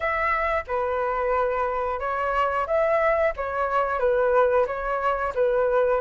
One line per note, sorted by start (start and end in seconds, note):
0.00 0.64 E5
0.67 1.99 B4
1.99 2.66 C#5
2.66 3.33 E5
3.36 3.99 C#5
3.99 4.65 B4
4.66 5.33 C#5
5.35 6.00 B4